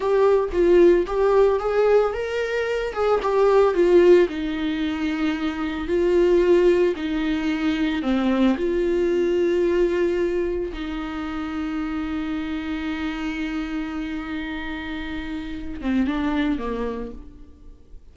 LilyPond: \new Staff \with { instrumentName = "viola" } { \time 4/4 \tempo 4 = 112 g'4 f'4 g'4 gis'4 | ais'4. gis'8 g'4 f'4 | dis'2. f'4~ | f'4 dis'2 c'4 |
f'1 | dis'1~ | dis'1~ | dis'4. c'8 d'4 ais4 | }